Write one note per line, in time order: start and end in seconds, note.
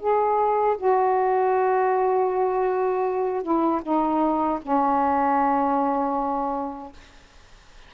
0.00 0.77 G#4
0.78 3.43 F#4
3.43 3.81 E4
3.83 4.60 D#4
4.62 6.93 C#4